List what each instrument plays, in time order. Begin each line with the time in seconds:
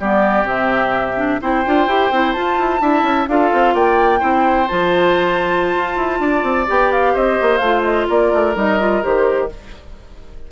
0.00 bassoon G3, clarinet B3, oboe G4, flute D5
0.44 bassoon C3, clarinet C4, flute E5
1.17 clarinet D4
1.41 bassoon C4, clarinet E4, oboe C5, flute G5
1.66 bassoon D4, clarinet F4
1.87 bassoon E4, clarinet G4
2.11 bassoon C4, clarinet E4
2.33 clarinet F4, bassoon F4, flute A5
2.59 bassoon E4
2.80 bassoon D4, clarinet E4, oboe E5
3.03 bassoon C#4
3.28 bassoon D4, clarinet F4, oboe A4, flute F5
3.53 bassoon C4
3.75 bassoon A#3, oboe D5, flute G5
4.19 bassoon C4, clarinet E4, oboe C5
4.68 bassoon F3, clarinet F4, flute A5
5.76 bassoon F4
5.96 bassoon E4
6.20 bassoon D4, oboe D5
6.43 bassoon C4
6.67 bassoon B3, clarinet G4, flute G5
6.92 flute F5
7.13 bassoon C4, oboe C5, flute D#5
7.42 bassoon A#3
7.58 bassoon A3, clarinet F4, flute F5
7.84 flute D#5
8.09 bassoon A#3, oboe A#4, flute D5
8.33 bassoon A3
8.55 bassoon G3, clarinet D#4, flute D#5
8.79 clarinet F4
9.02 bassoon D#3, clarinet G4, flute C5